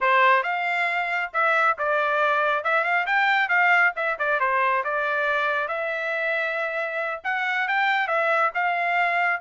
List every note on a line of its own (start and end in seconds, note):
0.00 0.43 C5
0.43 1.30 F5
1.33 1.77 E5
1.78 2.64 D5
2.64 2.84 E5
2.84 3.06 F5
3.06 3.48 G5
3.48 3.92 F5
3.96 4.17 E5
4.18 4.40 D5
4.40 4.83 C5
4.84 5.68 D5
5.68 7.21 E5
7.24 7.67 F#5
7.67 8.07 G5
8.07 8.51 E5
8.54 9.41 F5